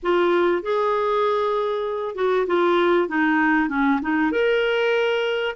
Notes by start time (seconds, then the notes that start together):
0.02 F4
0.62 G#4
2.15 F#4
2.46 F4
3.08 D#4
3.69 C#4
4.01 D#4
4.31 A#4